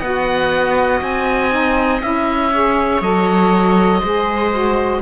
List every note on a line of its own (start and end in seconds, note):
0.00 1.02 B3
0.00 1.51 F#4
0.00 2.50 D#5
0.00 1.01 F#5
1.02 2.02 C4
1.02 2.02 G#5
1.51 2.01 D#4
2.01 3.01 C#4
2.01 2.51 E4
2.01 3.02 E5
2.51 3.01 G#4
2.51 4.01 C#5
3.01 4.01 F#3
3.01 4.01 A4
3.01 5.02 D#5
4.01 5.02 G#3
4.01 4.52 G#4
4.01 5.01 C5
4.52 5.02 F#4